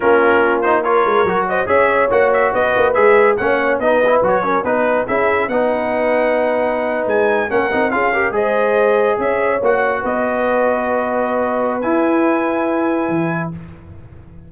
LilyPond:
<<
  \new Staff \with { instrumentName = "trumpet" } { \time 4/4 \tempo 4 = 142 ais'4. c''8 cis''4. dis''8 | e''4 fis''8 e''8 dis''4 e''4 | fis''4 dis''4 cis''4 b'4 | e''4 fis''2.~ |
fis''8. gis''4 fis''4 f''4 dis''16~ | dis''4.~ dis''16 e''4 fis''4 dis''16~ | dis''1 | gis''1 | }
  \new Staff \with { instrumentName = "horn" } { \time 4/4 f'2 ais'4. c''8 | cis''2 b'2 | cis''4 b'4. ais'8 b'4 | gis'4 b'2.~ |
b'4.~ b'16 ais'4 gis'8 ais'8 c''16~ | c''4.~ c''16 cis''2 b'16~ | b'1~ | b'1 | }
  \new Staff \with { instrumentName = "trombone" } { \time 4/4 cis'4. dis'8 f'4 fis'4 | gis'4 fis'2 gis'4 | cis'4 dis'8 e'8 fis'8 cis'8 dis'4 | e'4 dis'2.~ |
dis'4.~ dis'16 cis'8 dis'8 f'8 g'8 gis'16~ | gis'2~ gis'8. fis'4~ fis'16~ | fis'1 | e'1 | }
  \new Staff \with { instrumentName = "tuba" } { \time 4/4 ais2~ ais8 gis8 fis4 | cis'4 ais4 b8 ais8 gis4 | ais4 b4 fis4 b4 | cis'4 b2.~ |
b8. gis4 ais8 c'8 cis'4 gis16~ | gis4.~ gis16 cis'4 ais4 b16~ | b1 | e'2. e4 | }
>>